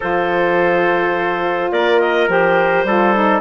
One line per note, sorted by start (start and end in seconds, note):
0.00 1.71 F3
0.00 2.27 F4
0.00 1.72 A4
0.00 1.72 C5
1.71 2.28 A#3
1.71 2.86 A#4
1.71 2.00 D5
2.00 2.28 D#5
2.27 2.84 F3
2.27 2.85 G4
2.27 3.40 C5
2.84 3.40 G3
2.84 3.14 F4
2.84 3.40 A4
3.14 3.40 D#4